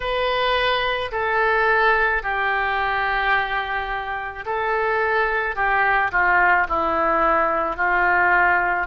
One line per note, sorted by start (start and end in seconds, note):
0.00 1.11 B4
1.11 2.22 A4
2.22 4.44 G4
4.45 5.56 A4
5.56 6.11 G4
6.11 6.67 F4
6.68 7.76 E4
7.76 8.87 F4